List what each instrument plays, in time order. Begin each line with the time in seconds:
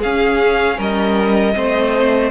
0.00 viola C#4, cello C#4, violin G#4 F5
0.77 cello G3, violin A#4 D#5
1.53 cello A3, viola C4, violin C5